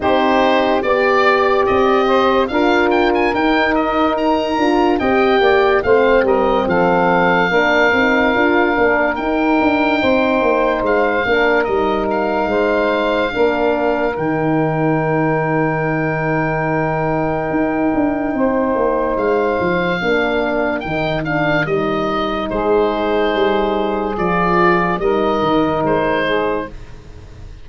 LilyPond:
<<
  \new Staff \with { instrumentName = "oboe" } { \time 4/4 \tempo 4 = 72 c''4 d''4 dis''4 f''8 g''16 gis''16 | g''8 dis''8 ais''4 g''4 f''8 dis''8 | f''2. g''4~ | g''4 f''4 dis''8 f''4.~ |
f''4 g''2.~ | g''2. f''4~ | f''4 g''8 f''8 dis''4 c''4~ | c''4 d''4 dis''4 c''4 | }
  \new Staff \with { instrumentName = "saxophone" } { \time 4/4 g'4 d''4. c''8 ais'4~ | ais'2 dis''8 d''8 c''8 ais'8 | a'4 ais'2. | c''4. ais'4. c''4 |
ais'1~ | ais'2 c''2 | ais'2. gis'4~ | gis'2 ais'4. gis'8 | }
  \new Staff \with { instrumentName = "horn" } { \time 4/4 dis'4 g'2 f'4 | dis'4. f'8 g'4 c'4~ | c'4 d'8 dis'8 f'8 d'8 dis'4~ | dis'4. d'8 dis'2 |
d'4 dis'2.~ | dis'1 | d'4 dis'8 d'8 dis'2~ | dis'4 f'4 dis'2 | }
  \new Staff \with { instrumentName = "tuba" } { \time 4/4 c'4 b4 c'4 d'4 | dis'4. d'8 c'8 ais8 a8 g8 | f4 ais8 c'8 d'8 ais8 dis'8 d'8 | c'8 ais8 gis8 ais8 g4 gis4 |
ais4 dis2.~ | dis4 dis'8 d'8 c'8 ais8 gis8 f8 | ais4 dis4 g4 gis4 | g4 f4 g8 dis8 gis4 | }
>>